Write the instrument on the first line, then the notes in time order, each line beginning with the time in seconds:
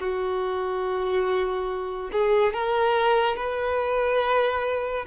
violin
0.00 F#4
2.13 G#4
2.54 A#4
3.37 B4